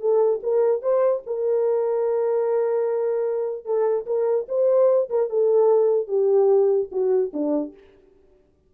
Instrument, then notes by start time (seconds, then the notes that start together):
horn
0.00 A4
0.43 A#4
0.82 C5
1.27 A#4
3.65 A4
4.06 A#4
4.49 C5
5.10 A#4
5.30 A4
6.08 G4
6.92 F#4
7.34 D4